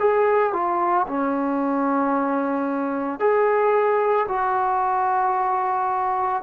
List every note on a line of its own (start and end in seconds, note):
0.00 0.53 G#4
0.53 1.07 F4
1.08 3.20 C#4
3.20 4.27 G#4
4.29 6.43 F#4